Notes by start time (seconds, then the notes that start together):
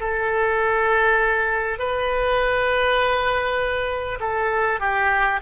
0.00 A4
1.79 B4
4.21 A4
4.81 G4